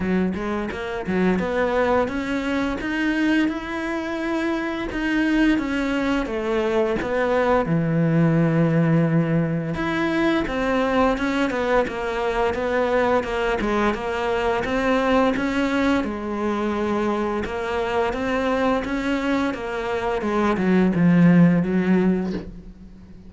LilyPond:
\new Staff \with { instrumentName = "cello" } { \time 4/4 \tempo 4 = 86 fis8 gis8 ais8 fis8 b4 cis'4 | dis'4 e'2 dis'4 | cis'4 a4 b4 e4~ | e2 e'4 c'4 |
cis'8 b8 ais4 b4 ais8 gis8 | ais4 c'4 cis'4 gis4~ | gis4 ais4 c'4 cis'4 | ais4 gis8 fis8 f4 fis4 | }